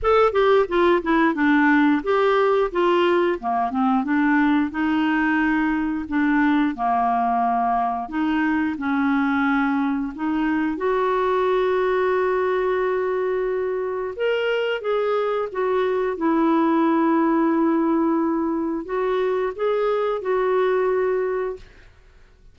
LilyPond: \new Staff \with { instrumentName = "clarinet" } { \time 4/4 \tempo 4 = 89 a'8 g'8 f'8 e'8 d'4 g'4 | f'4 ais8 c'8 d'4 dis'4~ | dis'4 d'4 ais2 | dis'4 cis'2 dis'4 |
fis'1~ | fis'4 ais'4 gis'4 fis'4 | e'1 | fis'4 gis'4 fis'2 | }